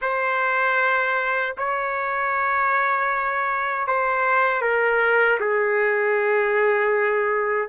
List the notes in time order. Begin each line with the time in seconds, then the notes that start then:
0.01 C5
1.57 C#5
3.87 C5
4.62 A#4
5.40 G#4